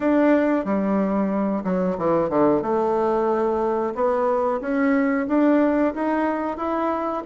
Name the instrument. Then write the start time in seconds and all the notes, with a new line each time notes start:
bassoon
0.00 D4
0.64 G3
1.64 F#3
1.98 E3
2.29 D3
2.62 A3
3.94 B3
4.60 C#4
5.27 D4
5.94 D#4
6.57 E4